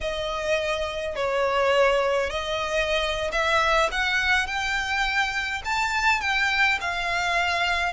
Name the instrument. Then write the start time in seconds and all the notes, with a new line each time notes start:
violin
0.01 D#5
1.15 C#5
2.29 D#5
3.32 E5
3.91 F#5
4.46 G5
5.65 A5
6.20 G5
6.80 F5